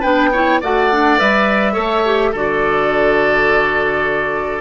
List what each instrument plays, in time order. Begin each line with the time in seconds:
0.00 bassoon B3, clarinet D4, oboe B4, flute G5
0.32 clarinet E4, oboe C#5
0.61 bassoon A3, clarinet F#4, oboe D5, flute F#5
0.92 clarinet D4
1.18 bassoon G3, clarinet B4, flute E5
1.73 bassoon A3, clarinet A4, oboe C#5
2.05 clarinet G4
2.32 bassoon D3, clarinet F#4, oboe A4, flute D5